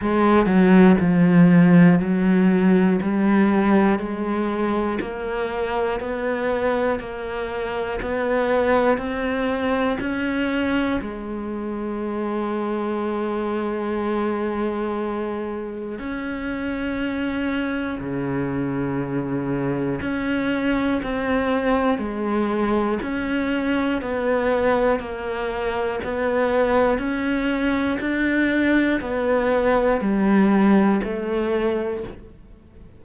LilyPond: \new Staff \with { instrumentName = "cello" } { \time 4/4 \tempo 4 = 60 gis8 fis8 f4 fis4 g4 | gis4 ais4 b4 ais4 | b4 c'4 cis'4 gis4~ | gis1 |
cis'2 cis2 | cis'4 c'4 gis4 cis'4 | b4 ais4 b4 cis'4 | d'4 b4 g4 a4 | }